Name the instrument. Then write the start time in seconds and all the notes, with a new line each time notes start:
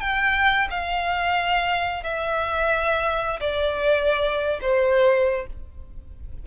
violin
0.00 G5
0.70 F5
2.04 E5
3.40 D5
4.61 C5